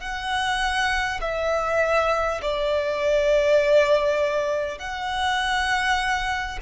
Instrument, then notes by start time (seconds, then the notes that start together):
violin
0.00 F#5
1.21 E5
2.41 D5
4.78 F#5